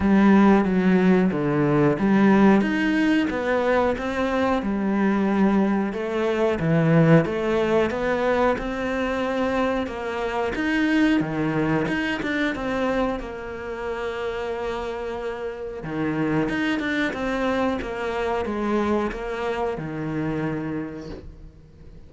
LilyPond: \new Staff \with { instrumentName = "cello" } { \time 4/4 \tempo 4 = 91 g4 fis4 d4 g4 | dis'4 b4 c'4 g4~ | g4 a4 e4 a4 | b4 c'2 ais4 |
dis'4 dis4 dis'8 d'8 c'4 | ais1 | dis4 dis'8 d'8 c'4 ais4 | gis4 ais4 dis2 | }